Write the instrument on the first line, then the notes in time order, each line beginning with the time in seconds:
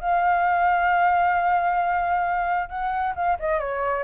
flute
0.00 F5
2.69 F#5
3.15 F5
3.39 D#5
3.59 C#5